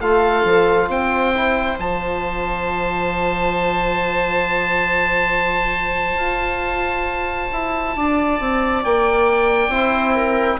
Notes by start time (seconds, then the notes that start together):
0.00 A3 F4 A4 F5
0.44 F3
0.88 C4 C5 G5
1.34 E4
1.78 F3 F4 A5
6.15 F4
7.52 E4
7.96 D4 D5
8.40 C4
8.83 A#3 G5
9.68 C4 E4 C5
10.15 A#4